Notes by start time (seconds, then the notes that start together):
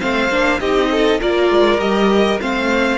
0.00 A3 C4 C5 F5
0.30 A#3 D4
0.60 C4 D#4 G4 D#5
0.91 A4
1.20 A#3 F4 A#4 D5
1.50 G#3
1.78 G3 G4 D#5
2.41 A3 C4 C5 F5